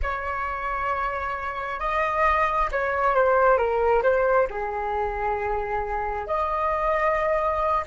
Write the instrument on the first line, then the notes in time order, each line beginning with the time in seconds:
flute
0.02 C#5
1.79 D#5
2.71 C#5
3.15 C5
3.57 A#4
4.02 C5
4.49 G#4
6.26 D#5